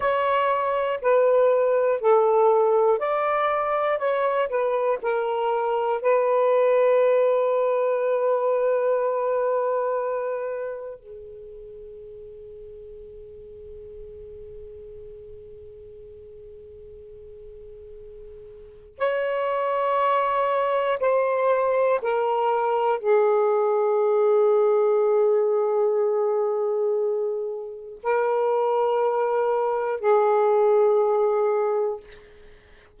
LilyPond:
\new Staff \with { instrumentName = "saxophone" } { \time 4/4 \tempo 4 = 60 cis''4 b'4 a'4 d''4 | cis''8 b'8 ais'4 b'2~ | b'2. gis'4~ | gis'1~ |
gis'2. cis''4~ | cis''4 c''4 ais'4 gis'4~ | gis'1 | ais'2 gis'2 | }